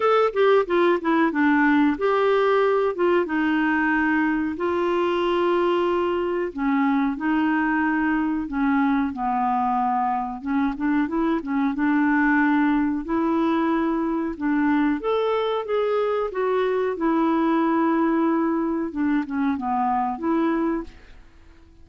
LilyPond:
\new Staff \with { instrumentName = "clarinet" } { \time 4/4 \tempo 4 = 92 a'8 g'8 f'8 e'8 d'4 g'4~ | g'8 f'8 dis'2 f'4~ | f'2 cis'4 dis'4~ | dis'4 cis'4 b2 |
cis'8 d'8 e'8 cis'8 d'2 | e'2 d'4 a'4 | gis'4 fis'4 e'2~ | e'4 d'8 cis'8 b4 e'4 | }